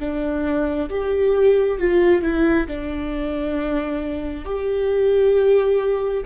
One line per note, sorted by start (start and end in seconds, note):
0.00 0.90 D4
0.90 1.80 G4
1.80 2.23 F4
2.23 2.67 E4
2.68 4.45 D4
4.45 6.24 G4